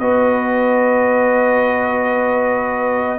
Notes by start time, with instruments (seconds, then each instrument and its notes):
0.00 tuba B3, trombone F#4, horn B4, trumpet D#5